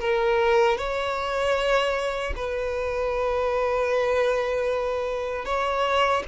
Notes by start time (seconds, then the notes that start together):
0.00 A#4
0.77 C#5
2.36 B4
5.45 C#5